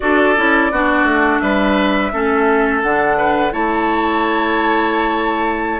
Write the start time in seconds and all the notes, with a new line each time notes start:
0.00 D4 F#4 A4 D5
0.36 C#4 E4
0.71 B3 D4 F#4
1.04 A3
1.38 G3 B4 E5
2.12 A3 C#4 A4
2.82 D3 D4 F#5
3.17 B4
3.51 A3 E4 C#5 A5